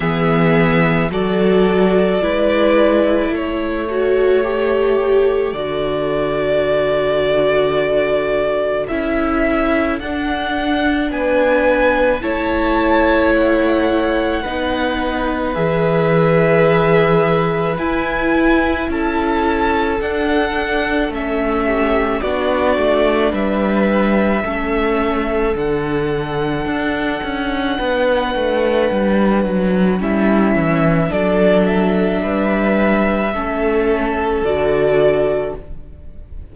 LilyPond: <<
  \new Staff \with { instrumentName = "violin" } { \time 4/4 \tempo 4 = 54 e''4 d''2 cis''4~ | cis''4 d''2. | e''4 fis''4 gis''4 a''4 | fis''2 e''2 |
gis''4 a''4 fis''4 e''4 | d''4 e''2 fis''4~ | fis''2. e''4 | d''8 e''2~ e''8 d''4 | }
  \new Staff \with { instrumentName = "violin" } { \time 4/4 gis'4 a'4 b'4 a'4~ | a'1~ | a'2 b'4 cis''4~ | cis''4 b'2.~ |
b'4 a'2~ a'8 g'8 | fis'4 b'4 a'2~ | a'4 b'2 e'4 | a'4 b'4 a'2 | }
  \new Staff \with { instrumentName = "viola" } { \time 4/4 b4 fis'4 e'4. fis'8 | g'4 fis'2. | e'4 d'2 e'4~ | e'4 dis'4 gis'2 |
e'2 d'4 cis'4 | d'2 cis'4 d'4~ | d'2. cis'4 | d'2 cis'4 fis'4 | }
  \new Staff \with { instrumentName = "cello" } { \time 4/4 e4 fis4 gis4 a4~ | a4 d2. | cis'4 d'4 b4 a4~ | a4 b4 e2 |
e'4 cis'4 d'4 a4 | b8 a8 g4 a4 d4 | d'8 cis'8 b8 a8 g8 fis8 g8 e8 | fis4 g4 a4 d4 | }
>>